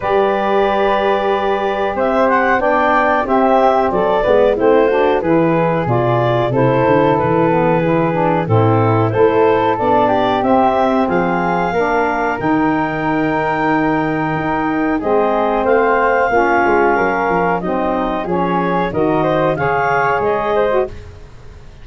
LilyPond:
<<
  \new Staff \with { instrumentName = "clarinet" } { \time 4/4 \tempo 4 = 92 d''2. e''8 fis''8 | g''4 e''4 d''4 c''4 | b'4 d''4 c''4 b'4~ | b'4 a'4 c''4 d''4 |
e''4 f''2 g''4~ | g''2. dis''4 | f''2. dis''4 | cis''4 dis''4 f''4 dis''4 | }
  \new Staff \with { instrumentName = "flute" } { \time 4/4 b'2. c''4 | d''4 g'4 a'8 b'8 e'8 fis'8 | gis'2 a'2 | gis'4 e'4 a'4. g'8~ |
g'4 gis'4 ais'2~ | ais'2. gis'4 | c''4 f'4 ais'4 dis'4 | gis'4 ais'8 c''8 cis''4. c''8 | }
  \new Staff \with { instrumentName = "saxophone" } { \time 4/4 g'1 | d'4 c'4. b8 c'8 d'8 | e'4 f'4 e'4. b8 | e'8 d'8 c'4 e'4 d'4 |
c'2 d'4 dis'4~ | dis'2. c'4~ | c'4 cis'2 c'4 | cis'4 fis'4 gis'4.~ gis'16 fis'16 | }
  \new Staff \with { instrumentName = "tuba" } { \time 4/4 g2. c'4 | b4 c'4 fis8 gis8 a4 | e4 b,4 c8 d8 e4~ | e4 a,4 a4 b4 |
c'4 f4 ais4 dis4~ | dis2 dis'4 gis4 | a4 ais8 gis8 fis8 f8 fis4 | f4 dis4 cis4 gis4 | }
>>